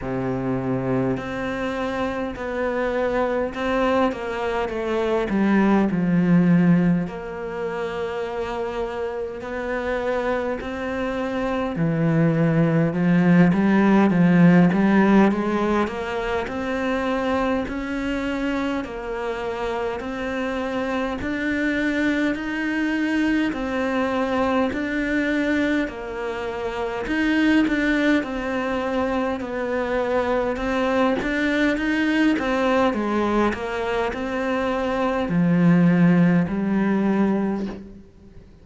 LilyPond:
\new Staff \with { instrumentName = "cello" } { \time 4/4 \tempo 4 = 51 c4 c'4 b4 c'8 ais8 | a8 g8 f4 ais2 | b4 c'4 e4 f8 g8 | f8 g8 gis8 ais8 c'4 cis'4 |
ais4 c'4 d'4 dis'4 | c'4 d'4 ais4 dis'8 d'8 | c'4 b4 c'8 d'8 dis'8 c'8 | gis8 ais8 c'4 f4 g4 | }